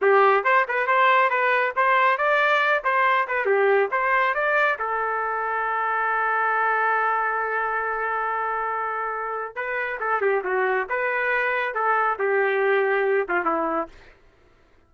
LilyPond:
\new Staff \with { instrumentName = "trumpet" } { \time 4/4 \tempo 4 = 138 g'4 c''8 b'8 c''4 b'4 | c''4 d''4. c''4 b'8 | g'4 c''4 d''4 a'4~ | a'1~ |
a'1~ | a'2 b'4 a'8 g'8 | fis'4 b'2 a'4 | g'2~ g'8 f'8 e'4 | }